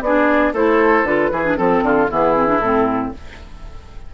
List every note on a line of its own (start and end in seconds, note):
0.00 0.52 B3
0.00 0.54 D4
0.00 0.53 G#4
0.00 0.53 D5
0.53 1.03 A3
0.53 1.06 E4
0.53 1.30 A4
0.53 1.06 C5
1.03 1.29 D3
1.03 1.32 F4
1.03 1.57 B4
1.31 1.57 E3
1.31 1.45 E4
1.31 1.57 G#4
1.45 1.56 D4
1.56 1.82 F3
1.56 2.08 C4
1.56 1.83 A4
1.56 2.09 A4
1.82 2.08 D3
1.82 2.10 F4
2.09 2.59 E3
2.09 2.35 B3
2.09 3.13 E4
2.09 2.59 G#4
2.35 2.46 C4
2.46 2.59 D4
2.59 3.11 A2
2.59 3.14 C4
2.59 3.11 A4